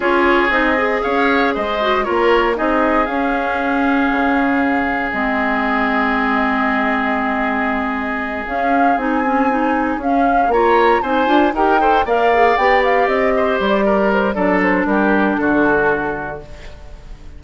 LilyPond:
<<
  \new Staff \with { instrumentName = "flute" } { \time 4/4 \tempo 4 = 117 cis''4 dis''4 f''4 dis''4 | cis''4 dis''4 f''2~ | f''2 dis''2~ | dis''1~ |
dis''8 f''4 gis''2 f''8~ | f''8 ais''4 gis''4 g''4 f''8~ | f''8 g''8 f''8 dis''4 d''4 c''8 | d''8 c''8 ais'4 a'2 | }
  \new Staff \with { instrumentName = "oboe" } { \time 4/4 gis'2 cis''4 c''4 | ais'4 gis'2.~ | gis'1~ | gis'1~ |
gis'1~ | gis'8 cis''4 c''4 ais'8 c''8 d''8~ | d''2 c''4 ais'4 | a'4 g'4 fis'2 | }
  \new Staff \with { instrumentName = "clarinet" } { \time 4/4 f'4 dis'8 gis'2 fis'8 | f'4 dis'4 cis'2~ | cis'2 c'2~ | c'1~ |
c'8 cis'4 dis'8 cis'8 dis'4 cis'8~ | cis'8 f'4 dis'8 f'8 g'8 a'8 ais'8 | gis'8 g'2.~ g'8 | d'1 | }
  \new Staff \with { instrumentName = "bassoon" } { \time 4/4 cis'4 c'4 cis'4 gis4 | ais4 c'4 cis'2 | cis2 gis2~ | gis1~ |
gis8 cis'4 c'2 cis'8~ | cis'8 ais4 c'8 d'8 dis'4 ais8~ | ais8 b4 c'4 g4. | fis4 g4 d2 | }
>>